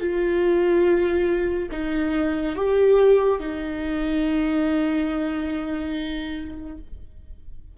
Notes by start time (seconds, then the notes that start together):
0.00 F4
1.71 D#4
2.55 G4
3.40 D#4